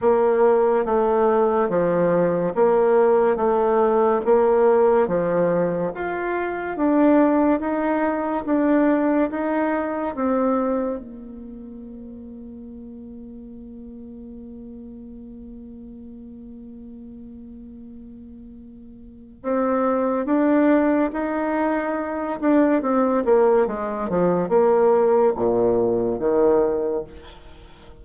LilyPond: \new Staff \with { instrumentName = "bassoon" } { \time 4/4 \tempo 4 = 71 ais4 a4 f4 ais4 | a4 ais4 f4 f'4 | d'4 dis'4 d'4 dis'4 | c'4 ais2.~ |
ais1~ | ais2. c'4 | d'4 dis'4. d'8 c'8 ais8 | gis8 f8 ais4 ais,4 dis4 | }